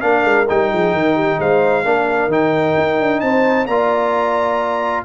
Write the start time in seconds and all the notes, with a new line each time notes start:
0.00 A#3 D4 A#4 F5
0.24 G#3
0.49 G3 D#4 G5
0.71 F3 G#4
0.93 D#3 A#4
1.15 G4
1.39 G#3 C5 F5
1.84 A#3 D4 A#4
2.27 D#3 D#4 G5
2.77 D#4
2.99 D4
3.20 C4 C5 A5
3.66 A#3 F4 D5 A#5